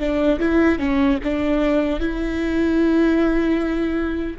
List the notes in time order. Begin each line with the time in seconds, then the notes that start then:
0.00 D4
0.40 E4
0.79 C#4
1.24 D4
2.01 E4